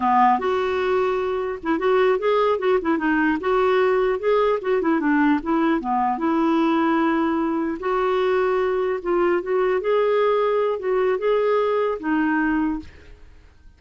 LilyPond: \new Staff \with { instrumentName = "clarinet" } { \time 4/4 \tempo 4 = 150 b4 fis'2. | e'8 fis'4 gis'4 fis'8 e'8 dis'8~ | dis'8 fis'2 gis'4 fis'8 | e'8 d'4 e'4 b4 e'8~ |
e'2.~ e'8 fis'8~ | fis'2~ fis'8 f'4 fis'8~ | fis'8 gis'2~ gis'8 fis'4 | gis'2 dis'2 | }